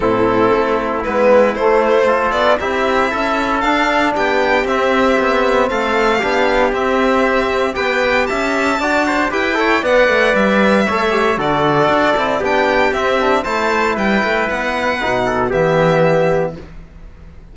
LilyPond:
<<
  \new Staff \with { instrumentName = "violin" } { \time 4/4 \tempo 4 = 116 a'2 b'4 c''4~ | c''8 d''8 e''2 f''4 | g''4 e''2 f''4~ | f''4 e''2 g''4 |
a''2 g''4 fis''4 | e''2 d''2 | g''4 e''4 a''4 g''4 | fis''2 e''2 | }
  \new Staff \with { instrumentName = "trumpet" } { \time 4/4 e'1 | a'4 g'4 a'2 | g'2. a'4 | g'2. b'4 |
e''4 d''8 c''8 b'8 cis''8 d''4~ | d''4 cis''4 a'2 | g'2 c''4 b'4~ | b'4. a'8 g'2 | }
  \new Staff \with { instrumentName = "trombone" } { \time 4/4 c'2 b4 a4 | f'4 e'2 d'4~ | d'4 c'2. | d'4 c'2 g'4~ |
g'4 fis'4 g'8 a'8 b'4~ | b'4 a'8 g'8 fis'4. e'8 | d'4 c'8 d'8 e'2~ | e'4 dis'4 b2 | }
  \new Staff \with { instrumentName = "cello" } { \time 4/4 a,4 a4 gis4 a4~ | a8 b8 c'4 cis'4 d'4 | b4 c'4 b4 a4 | b4 c'2 b4 |
cis'4 d'4 e'4 b8 a8 | g4 a4 d4 d'8 c'8 | b4 c'4 a4 g8 a8 | b4 b,4 e2 | }
>>